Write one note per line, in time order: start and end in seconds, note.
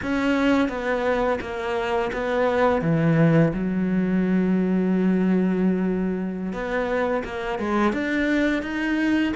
0.02 0.68 C#4
0.68 1.39 B3
1.40 2.11 A#3
2.12 2.81 B3
2.81 3.52 E3
3.53 6.52 F#3
6.52 7.23 B3
7.24 7.59 A#3
7.59 7.93 G#3
7.93 8.62 D4
8.62 9.33 D#4